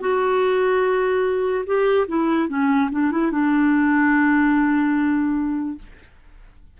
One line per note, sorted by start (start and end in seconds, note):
0.00 1.64 F#4
1.66 2.07 G4
2.07 2.48 E4
2.48 2.90 C#4
2.91 3.11 D4
3.11 3.31 E4
3.31 5.78 D4